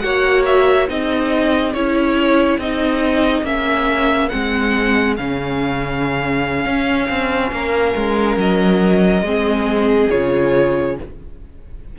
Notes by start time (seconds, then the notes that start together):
0.00 A#3 F#4 C#5 F#5
0.45 E5
0.88 C4 D#4 G#4 D#5
1.74 C#4 E4 C#5
2.58 C4 D#4 D#5
3.43 A#3 C#4 E5
4.29 G#3 C4 F#5
5.17 C#3 C#4 F5
6.66 C#4
7.09 C4
7.52 A#3 A#4
7.95 G#3
8.37 F#3 D#5
9.22 G#3 C4 G#4
10.11 C#3 F4 C#5